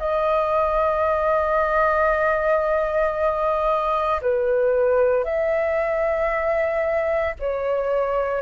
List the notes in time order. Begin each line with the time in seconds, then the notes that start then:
0.00 D#5
4.22 B4
5.25 E5
7.40 C#5